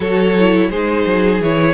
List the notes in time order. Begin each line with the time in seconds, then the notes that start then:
0.00 F#3 F#4 A4 C#5
0.38 E4
0.70 G#3 D#4 G#4 C5
1.06 F#3
1.40 E3 E4 C#5